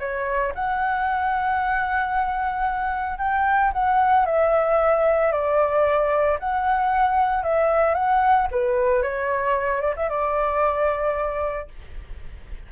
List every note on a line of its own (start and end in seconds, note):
0.00 0.53 C#5
0.55 3.19 F#5
3.19 3.72 G5
3.73 4.26 F#5
4.26 5.32 E5
5.32 6.39 D5
6.40 7.44 F#5
7.44 7.95 E5
7.95 8.48 F#5
8.51 9.03 B4
9.03 9.82 C#5
9.82 9.95 D5
9.97 10.10 E5
10.10 11.69 D5